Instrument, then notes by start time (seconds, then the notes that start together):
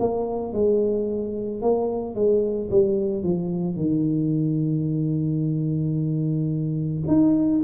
tuba
0.00 A#3
0.53 G#3
1.62 A#3
2.15 G#3
2.71 G3
3.23 F3
3.76 D#3
7.08 D#4